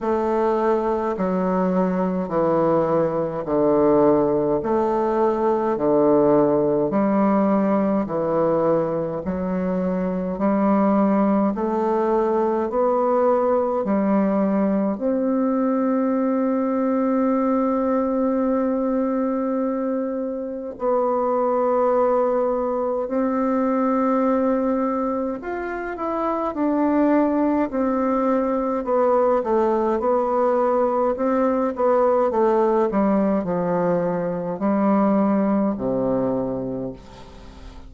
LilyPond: \new Staff \with { instrumentName = "bassoon" } { \time 4/4 \tempo 4 = 52 a4 fis4 e4 d4 | a4 d4 g4 e4 | fis4 g4 a4 b4 | g4 c'2.~ |
c'2 b2 | c'2 f'8 e'8 d'4 | c'4 b8 a8 b4 c'8 b8 | a8 g8 f4 g4 c4 | }